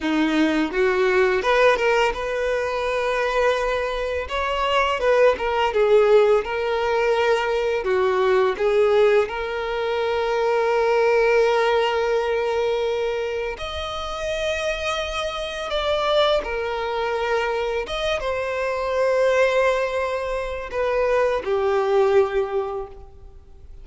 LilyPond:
\new Staff \with { instrumentName = "violin" } { \time 4/4 \tempo 4 = 84 dis'4 fis'4 b'8 ais'8 b'4~ | b'2 cis''4 b'8 ais'8 | gis'4 ais'2 fis'4 | gis'4 ais'2.~ |
ais'2. dis''4~ | dis''2 d''4 ais'4~ | ais'4 dis''8 c''2~ c''8~ | c''4 b'4 g'2 | }